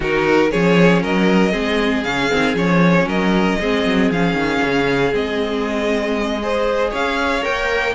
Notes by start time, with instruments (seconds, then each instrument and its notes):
0.00 cello D#3, viola D#4, violin F#4 A#4
0.50 cello F3, viola C#4, violin G#4 C#5
1.02 cello F#3, violin A#4 D#5
1.51 cello G#3, viola C4, violin G#4
2.03 cello C#3, viola C#4, violin F5
2.31 cello D#3, viola C4
2.54 cello F3, viola C#4, violin C#5
3.05 cello F#3, violin A#4 D#5
3.59 cello G#3, viola C4, violin G#4
3.84 cello F#3
4.11 cello F3, viola C#4, violin F5
4.33 cello D#3
4.62 cello C#3
5.12 cello G#3, viola C4, violin D#5
6.42 viola G#4, violin C5
6.90 cello C#4, violin C#5 F5
7.42 cello A#3, viola A#4, violin G5